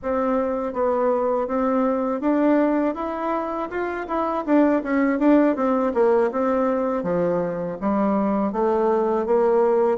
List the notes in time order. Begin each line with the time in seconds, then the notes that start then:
0.02 C4
0.73 B3
1.47 C4
2.20 D4
2.95 E4
3.69 F4
4.07 E4
4.45 D4
4.83 C#4
5.19 D4
5.56 C4
5.94 A#3
6.31 C4
7.03 F3
7.80 G3
8.52 A3
9.26 A#3